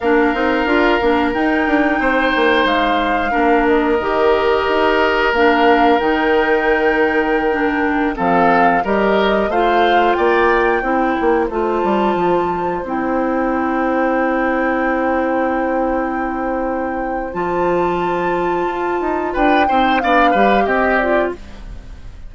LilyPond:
<<
  \new Staff \with { instrumentName = "flute" } { \time 4/4 \tempo 4 = 90 f''2 g''2 | f''4. dis''2~ dis''8 | f''4 g''2.~ | g''16 f''4 dis''4 f''4 g''8.~ |
g''4~ g''16 a''2 g''8.~ | g''1~ | g''2 a''2~ | a''4 g''4 f''4 dis''8 d''8 | }
  \new Staff \with { instrumentName = "oboe" } { \time 4/4 ais'2. c''4~ | c''4 ais'2.~ | ais'1~ | ais'16 a'4 ais'4 c''4 d''8.~ |
d''16 c''2.~ c''8.~ | c''1~ | c''1~ | c''4 b'8 c''8 d''8 b'8 g'4 | }
  \new Staff \with { instrumentName = "clarinet" } { \time 4/4 d'8 dis'8 f'8 d'8 dis'2~ | dis'4 d'4 g'2 | d'4 dis'2~ dis'16 d'8.~ | d'16 c'4 g'4 f'4.~ f'16~ |
f'16 e'4 f'2 e'8.~ | e'1~ | e'2 f'2~ | f'4. dis'8 d'8 g'4 f'8 | }
  \new Staff \with { instrumentName = "bassoon" } { \time 4/4 ais8 c'8 d'8 ais8 dis'8 d'8 c'8 ais8 | gis4 ais4 dis4 dis'4 | ais4 dis2.~ | dis16 f4 g4 a4 ais8.~ |
ais16 c'8 ais8 a8 g8 f4 c'8.~ | c'1~ | c'2 f2 | f'8 dis'8 d'8 c'8 b8 g8 c'4 | }
>>